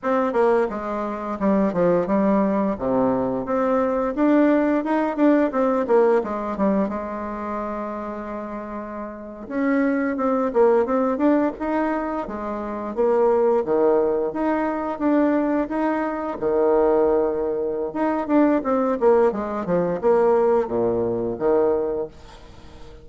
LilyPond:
\new Staff \with { instrumentName = "bassoon" } { \time 4/4 \tempo 4 = 87 c'8 ais8 gis4 g8 f8 g4 | c4 c'4 d'4 dis'8 d'8 | c'8 ais8 gis8 g8 gis2~ | gis4.~ gis16 cis'4 c'8 ais8 c'16~ |
c'16 d'8 dis'4 gis4 ais4 dis16~ | dis8. dis'4 d'4 dis'4 dis16~ | dis2 dis'8 d'8 c'8 ais8 | gis8 f8 ais4 ais,4 dis4 | }